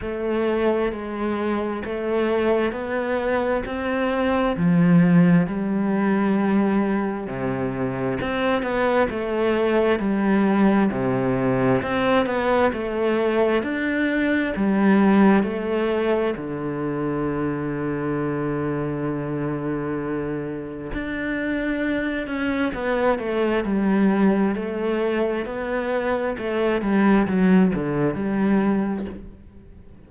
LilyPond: \new Staff \with { instrumentName = "cello" } { \time 4/4 \tempo 4 = 66 a4 gis4 a4 b4 | c'4 f4 g2 | c4 c'8 b8 a4 g4 | c4 c'8 b8 a4 d'4 |
g4 a4 d2~ | d2. d'4~ | d'8 cis'8 b8 a8 g4 a4 | b4 a8 g8 fis8 d8 g4 | }